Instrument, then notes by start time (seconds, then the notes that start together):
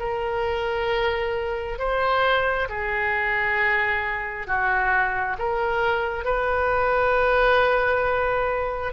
oboe
0.00 A#4
1.79 C5
2.69 G#4
4.47 F#4
5.39 A#4
6.25 B4